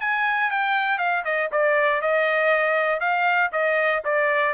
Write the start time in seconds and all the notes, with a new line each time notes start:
0.00 G#5
0.50 G5
0.98 F5
1.24 D#5
1.51 D5
2.01 D#5
3.00 F5
3.52 D#5
4.04 D5